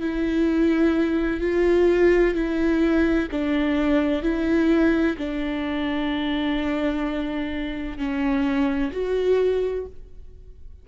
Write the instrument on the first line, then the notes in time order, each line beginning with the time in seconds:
viola
0.00 E4
1.41 F4
2.34 E4
3.32 D4
4.23 E4
5.18 D4
7.98 C#4
8.92 F#4